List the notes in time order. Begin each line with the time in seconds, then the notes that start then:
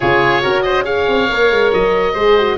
0.00 C#3 F4 G#4 C#5
0.42 C#4 F#4 A#4
0.62 C5 D#5
0.84 G#4 C#5 F5
1.08 C4
1.29 A#3 A#4
1.50 G#3
1.73 F#3 D#5
2.13 G#3 G#4 C5
2.37 F#4